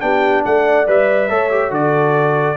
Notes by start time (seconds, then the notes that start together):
0.00 B3 D4 G4 G5
0.45 A3 D5 F#5
0.87 G3 B4 E5
1.29 A3 A4 C#5
1.51 G4
1.71 D3 F#4 A4 D5